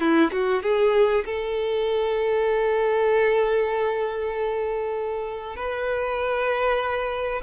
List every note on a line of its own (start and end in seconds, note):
0.00 0.31 E4
0.31 0.62 F#4
0.62 1.24 G#4
1.25 5.56 A4
5.56 7.41 B4